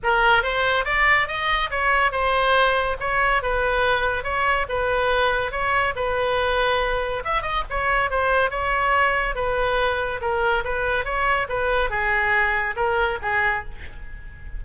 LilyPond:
\new Staff \with { instrumentName = "oboe" } { \time 4/4 \tempo 4 = 141 ais'4 c''4 d''4 dis''4 | cis''4 c''2 cis''4 | b'2 cis''4 b'4~ | b'4 cis''4 b'2~ |
b'4 e''8 dis''8 cis''4 c''4 | cis''2 b'2 | ais'4 b'4 cis''4 b'4 | gis'2 ais'4 gis'4 | }